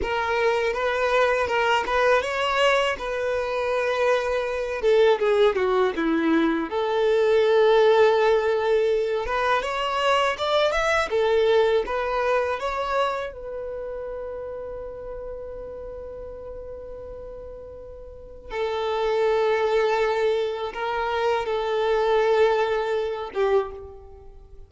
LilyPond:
\new Staff \with { instrumentName = "violin" } { \time 4/4 \tempo 4 = 81 ais'4 b'4 ais'8 b'8 cis''4 | b'2~ b'8 a'8 gis'8 fis'8 | e'4 a'2.~ | a'8 b'8 cis''4 d''8 e''8 a'4 |
b'4 cis''4 b'2~ | b'1~ | b'4 a'2. | ais'4 a'2~ a'8 g'8 | }